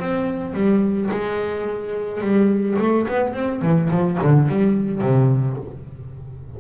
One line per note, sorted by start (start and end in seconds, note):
0.00 0.54 C4
0.54 1.10 G3
1.11 2.21 G#3
2.21 2.77 G3
2.79 3.07 A3
3.08 3.34 B3
3.34 3.62 C4
3.62 3.90 E3
3.90 4.19 F3
4.23 4.49 D3
4.49 5.01 G3
5.01 5.57 C3